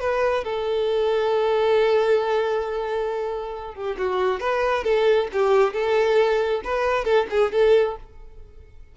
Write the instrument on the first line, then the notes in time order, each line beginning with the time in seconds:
violin
0.00 B4
0.44 A4
3.74 G4
3.98 F#4
4.40 B4
4.84 A4
5.33 G4
5.74 A4
6.64 B4
7.05 A4
7.30 G#4
7.52 A4